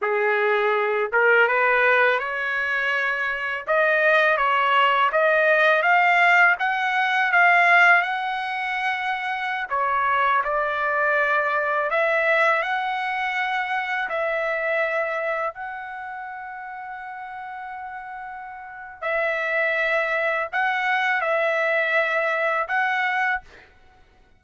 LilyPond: \new Staff \with { instrumentName = "trumpet" } { \time 4/4 \tempo 4 = 82 gis'4. ais'8 b'4 cis''4~ | cis''4 dis''4 cis''4 dis''4 | f''4 fis''4 f''4 fis''4~ | fis''4~ fis''16 cis''4 d''4.~ d''16~ |
d''16 e''4 fis''2 e''8.~ | e''4~ e''16 fis''2~ fis''8.~ | fis''2 e''2 | fis''4 e''2 fis''4 | }